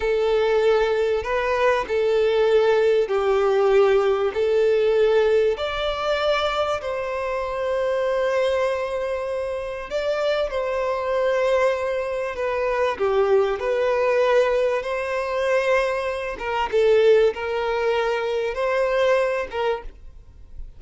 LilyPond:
\new Staff \with { instrumentName = "violin" } { \time 4/4 \tempo 4 = 97 a'2 b'4 a'4~ | a'4 g'2 a'4~ | a'4 d''2 c''4~ | c''1 |
d''4 c''2. | b'4 g'4 b'2 | c''2~ c''8 ais'8 a'4 | ais'2 c''4. ais'8 | }